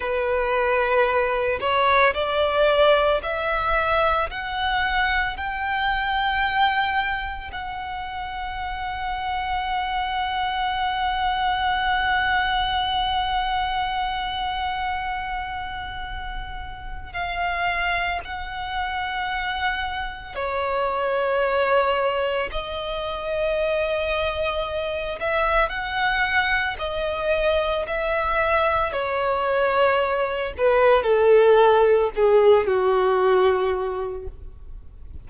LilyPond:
\new Staff \with { instrumentName = "violin" } { \time 4/4 \tempo 4 = 56 b'4. cis''8 d''4 e''4 | fis''4 g''2 fis''4~ | fis''1~ | fis''1 |
f''4 fis''2 cis''4~ | cis''4 dis''2~ dis''8 e''8 | fis''4 dis''4 e''4 cis''4~ | cis''8 b'8 a'4 gis'8 fis'4. | }